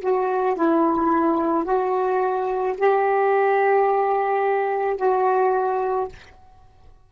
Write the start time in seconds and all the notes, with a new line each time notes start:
0.00 F#4
0.55 E4
1.64 F#4
2.77 G4
4.96 F#4